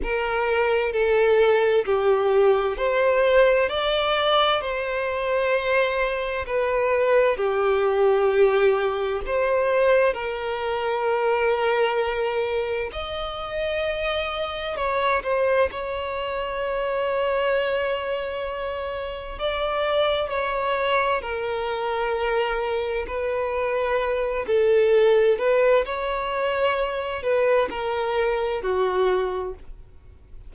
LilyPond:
\new Staff \with { instrumentName = "violin" } { \time 4/4 \tempo 4 = 65 ais'4 a'4 g'4 c''4 | d''4 c''2 b'4 | g'2 c''4 ais'4~ | ais'2 dis''2 |
cis''8 c''8 cis''2.~ | cis''4 d''4 cis''4 ais'4~ | ais'4 b'4. a'4 b'8 | cis''4. b'8 ais'4 fis'4 | }